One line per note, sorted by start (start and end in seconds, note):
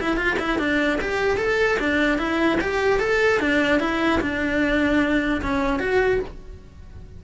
0.00 0.17 E4
0.17 0.37 F4
0.39 0.59 E4
0.59 0.99 D4
1.01 1.37 G4
1.37 1.78 A4
1.79 2.18 D4
2.18 2.59 E4
2.61 2.99 G4
2.99 3.40 A4
3.40 3.80 D4
3.80 4.20 E4
4.21 5.41 D4
5.42 5.79 C#4
5.79 6.20 F#4